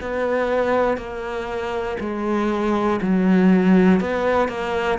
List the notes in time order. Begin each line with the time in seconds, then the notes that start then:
0.00 B3
0.97 A#3
2.00 G#3
3.01 F#3
4.00 B3
4.48 A#3